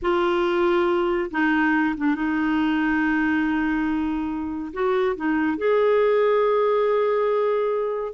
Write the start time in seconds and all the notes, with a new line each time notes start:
0.01 F4
1.30 D#4
1.97 D4
2.15 D#4
4.73 F#4
5.15 D#4
5.57 G#4